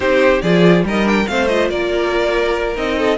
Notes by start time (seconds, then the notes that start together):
0.00 C4 D#4 G4 C5
0.41 F3 F4 G#4 D5
0.83 G3 D#4 A#4 D#5
1.04 D4 G5
1.27 A3 C4 C5 F5
1.47 F4 D#5
1.69 A#3 A#4 D5
2.74 C4 D#4 D#5
2.98 A4